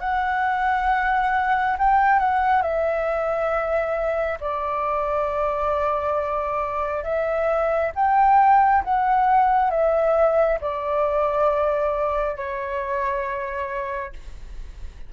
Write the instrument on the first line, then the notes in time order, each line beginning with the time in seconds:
flute
0.00 F#5
1.78 G5
2.19 F#5
2.62 E5
4.40 D5
7.03 E5
7.95 G5
8.84 F#5
9.70 E5
10.60 D5
12.36 C#5